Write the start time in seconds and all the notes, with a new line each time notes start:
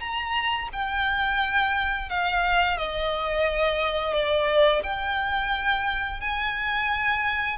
0.00 A#5
0.73 G5
2.09 F5
2.78 D#5
4.14 D5
4.83 G5
6.21 G#5